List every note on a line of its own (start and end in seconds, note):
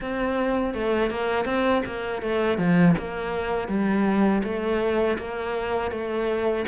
0.00 0.74 C4
0.74 1.10 A3
1.10 1.45 A#3
1.45 1.82 C4
1.86 2.22 A#3
2.22 2.57 A3
2.57 2.95 F3
2.98 3.68 A#3
3.68 4.42 G3
4.43 5.17 A3
5.18 5.91 A#3
5.91 6.65 A3